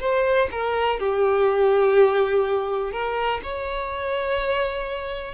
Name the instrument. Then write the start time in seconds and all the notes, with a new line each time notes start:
violin
0.00 C5
0.51 A#4
0.99 G4
2.92 A#4
3.43 C#5